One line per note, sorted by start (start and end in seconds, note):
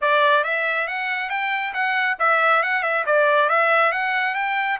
0.01 0.43 D5
0.43 0.87 E5
0.87 1.29 F#5
1.29 1.73 G5
1.73 2.17 F#5
2.19 2.62 E5
2.62 2.82 F#5
2.82 3.04 E5
3.06 3.49 D5
3.49 3.92 E5
3.92 4.34 F#5
4.34 4.78 G5